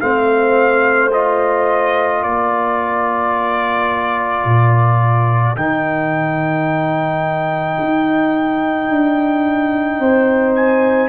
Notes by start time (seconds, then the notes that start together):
0.00 A3 C4 C5 F5
1.12 F4 D#5
2.21 A#3 A#4 D5
4.45 A#2
5.56 D#3 D#4 G5
7.80 D#4
8.89 D4
9.99 C4 C5
10.55 G#5